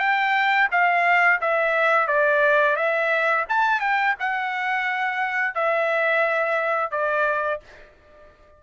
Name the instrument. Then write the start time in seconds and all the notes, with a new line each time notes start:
trumpet
0.00 G5
0.72 F5
1.42 E5
2.08 D5
2.76 E5
3.49 A5
3.81 G5
4.20 F#5
5.55 E5
6.92 D5